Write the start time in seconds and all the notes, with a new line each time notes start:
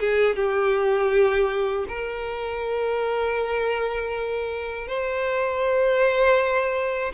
0.00 G#4
0.36 G4
1.89 A#4
4.88 C5